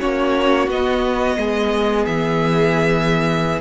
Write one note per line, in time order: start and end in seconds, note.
0.00 0.68 A#3
0.00 0.69 C#4
0.00 1.38 F#4
0.00 0.69 C#5
0.68 1.37 B3
0.68 3.61 B3
0.68 2.06 D#5
1.37 2.06 G#3
1.37 3.61 G#4
2.06 3.61 E3
2.06 3.61 E5